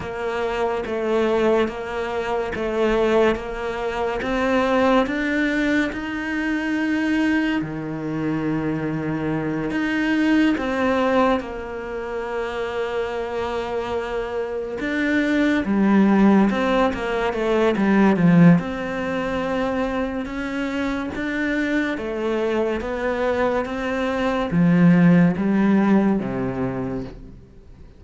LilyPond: \new Staff \with { instrumentName = "cello" } { \time 4/4 \tempo 4 = 71 ais4 a4 ais4 a4 | ais4 c'4 d'4 dis'4~ | dis'4 dis2~ dis8 dis'8~ | dis'8 c'4 ais2~ ais8~ |
ais4. d'4 g4 c'8 | ais8 a8 g8 f8 c'2 | cis'4 d'4 a4 b4 | c'4 f4 g4 c4 | }